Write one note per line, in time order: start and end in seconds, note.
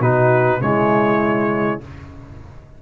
0.00 0.60 B2
0.00 0.61 D#4
0.00 0.60 F#4
0.00 0.62 B4
0.61 1.81 C#3
0.61 1.81 G#3
0.61 1.82 E4
0.61 1.82 C#5